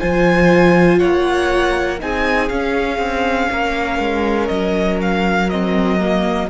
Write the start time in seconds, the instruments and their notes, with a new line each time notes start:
0.00 cello F3, viola F4, violin C5 G#5
0.99 cello A#3, violin C#5 F#5
2.00 cello C4, viola D#4, violin G#4 G#5
2.49 cello C#4, viola C#4, violin F5
2.98 cello C4
3.51 cello A#3, violin A#4
3.99 cello G#3
4.48 cello F#3, violin D#5
5.02 violin F5
5.50 viola C4, violin D#5
6.00 viola A#3